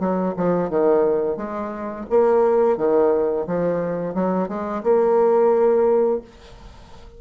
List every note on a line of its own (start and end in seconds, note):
0.00 0.34 F#3
0.37 0.70 F3
0.70 1.37 D#3
1.37 2.06 G#3
2.10 2.77 A#3
2.77 3.46 D#3
3.47 4.15 F3
4.15 4.49 F#3
4.49 4.83 G#3
4.84 6.22 A#3